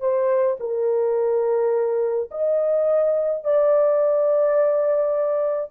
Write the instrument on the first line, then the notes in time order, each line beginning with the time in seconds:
horn
0.00 C5
0.60 A#4
2.31 D#5
3.44 D5